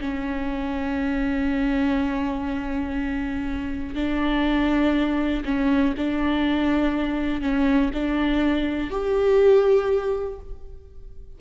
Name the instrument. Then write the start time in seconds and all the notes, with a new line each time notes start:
viola
0.00 C#4
3.95 D4
5.45 C#4
5.97 D4
7.41 C#4
7.93 D4
8.90 G4